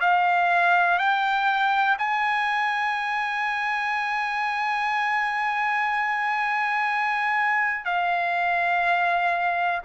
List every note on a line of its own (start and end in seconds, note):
0.00 0.98 F5
0.98 1.96 G5
1.99 7.84 G#5
7.84 9.81 F5